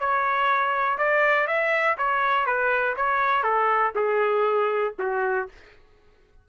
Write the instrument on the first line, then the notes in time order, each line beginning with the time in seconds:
trumpet
0.00 C#5
0.98 D5
1.48 E5
1.98 C#5
2.46 B4
2.97 C#5
3.43 A4
3.95 G#4
4.99 F#4